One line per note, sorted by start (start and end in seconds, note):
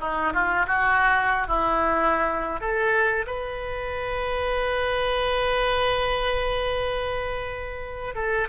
0.00 0.33 D#4
0.33 0.66 F4
0.67 1.47 F#4
1.47 2.60 E4
2.60 3.25 A4
3.26 8.15 B4
8.15 8.48 A4